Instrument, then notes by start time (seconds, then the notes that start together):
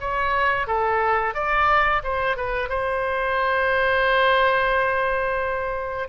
oboe
0.00 C#5
0.67 A4
1.34 D5
2.03 C5
2.36 B4
2.69 C5